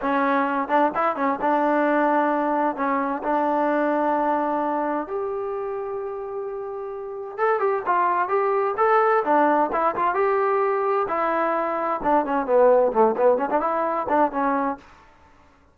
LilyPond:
\new Staff \with { instrumentName = "trombone" } { \time 4/4 \tempo 4 = 130 cis'4. d'8 e'8 cis'8 d'4~ | d'2 cis'4 d'4~ | d'2. g'4~ | g'1 |
a'8 g'8 f'4 g'4 a'4 | d'4 e'8 f'8 g'2 | e'2 d'8 cis'8 b4 | a8 b8 cis'16 d'16 e'4 d'8 cis'4 | }